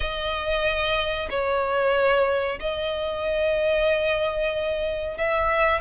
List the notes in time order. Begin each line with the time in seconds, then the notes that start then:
0.00 D#5
1.30 C#5
2.59 D#5
5.17 E5